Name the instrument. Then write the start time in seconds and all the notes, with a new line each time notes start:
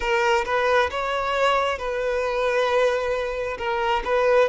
violin
0.00 A#4
0.45 B4
0.90 C#5
1.78 B4
3.57 A#4
4.04 B4